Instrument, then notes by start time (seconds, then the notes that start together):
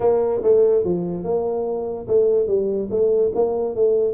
tuba
0.00 A#3
0.43 A3
0.84 F3
1.24 A#3
2.07 A3
2.47 G3
2.90 A3
3.34 A#3
3.75 A3